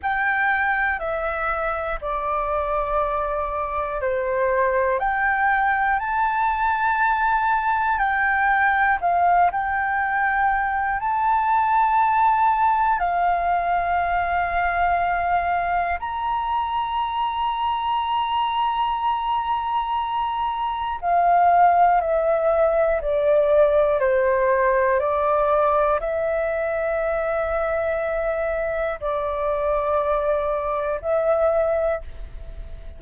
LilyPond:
\new Staff \with { instrumentName = "flute" } { \time 4/4 \tempo 4 = 60 g''4 e''4 d''2 | c''4 g''4 a''2 | g''4 f''8 g''4. a''4~ | a''4 f''2. |
ais''1~ | ais''4 f''4 e''4 d''4 | c''4 d''4 e''2~ | e''4 d''2 e''4 | }